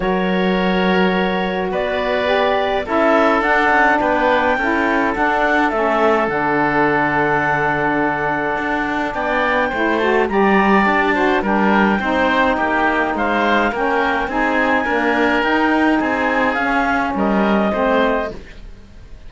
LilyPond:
<<
  \new Staff \with { instrumentName = "clarinet" } { \time 4/4 \tempo 4 = 105 cis''2. d''4~ | d''4 e''4 fis''4 g''4~ | g''4 fis''4 e''4 fis''4~ | fis''1 |
g''4. a''8 ais''4 a''4 | g''2. f''4 | g''4 gis''2 g''4 | gis''4 f''4 dis''2 | }
  \new Staff \with { instrumentName = "oboe" } { \time 4/4 ais'2. b'4~ | b'4 a'2 b'4 | a'1~ | a'1 |
d''4 c''4 d''4. c''8 | ais'4 c''4 g'4 c''4 | ais'4 gis'4 ais'2 | gis'2 ais'4 c''4 | }
  \new Staff \with { instrumentName = "saxophone" } { \time 4/4 fis'1 | g'4 e'4 d'2 | e'4 d'4 cis'4 d'4~ | d'1~ |
d'4 e'8 fis'8 g'4. fis'8 | d'4 dis'2. | cis'4 dis'4 ais4 dis'4~ | dis'4 cis'2 c'4 | }
  \new Staff \with { instrumentName = "cello" } { \time 4/4 fis2. b4~ | b4 cis'4 d'8 cis'8 b4 | cis'4 d'4 a4 d4~ | d2. d'4 |
b4 a4 g4 d'4 | g4 c'4 ais4 gis4 | ais4 c'4 d'4 dis'4 | c'4 cis'4 g4 a4 | }
>>